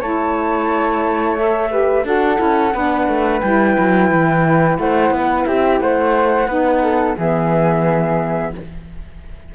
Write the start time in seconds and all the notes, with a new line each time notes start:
0.00 A3 E4 C#5 A5
1.37 A4 E5
1.70 G4 B4
2.04 D4 F#4 A4 F#5
2.36 C#4 E4
2.74 B3 D4 B4
3.08 A3
3.41 G3 E4 G5
3.79 F#3
4.11 E3
4.79 A3 C5 F#5
5.11 B3 B4
5.45 C4 G4 E5
5.80 A3 C5 F#5
6.47 B3 D#4 B4
6.83 A4
7.17 E3 B3 G#4 E5